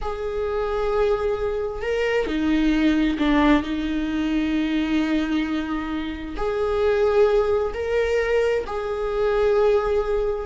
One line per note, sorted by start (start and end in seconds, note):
0.01 1.81 G#4
1.81 2.26 A#4
2.26 3.17 D#4
3.18 3.62 D4
3.62 6.35 D#4
6.36 7.73 G#4
7.73 8.64 A#4
8.66 10.45 G#4